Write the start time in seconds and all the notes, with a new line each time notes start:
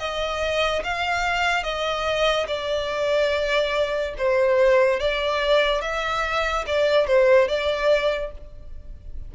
0.00 D#5
0.84 F5
1.64 D#5
2.48 D5
4.18 C5
5.00 D5
5.82 E5
6.67 D5
7.08 C5
7.48 D5